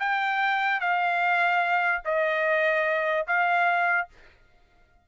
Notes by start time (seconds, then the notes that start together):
0.00 G5
0.81 F5
2.05 D#5
3.27 F5